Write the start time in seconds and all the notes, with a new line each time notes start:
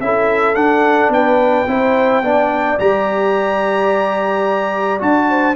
0.00 C#4 E4 A4 E5
0.55 D4 F#5
1.09 B3 B4 G5
1.67 C4 E4 C5
2.22 B3 D4 D5
2.79 G3 G4 A#5
4.98 D4 F#4 A5
5.29 C5